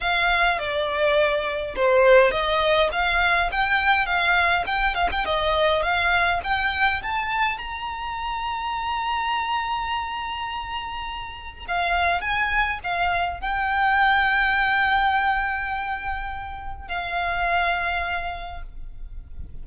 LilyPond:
\new Staff \with { instrumentName = "violin" } { \time 4/4 \tempo 4 = 103 f''4 d''2 c''4 | dis''4 f''4 g''4 f''4 | g''8 f''16 g''16 dis''4 f''4 g''4 | a''4 ais''2.~ |
ais''1 | f''4 gis''4 f''4 g''4~ | g''1~ | g''4 f''2. | }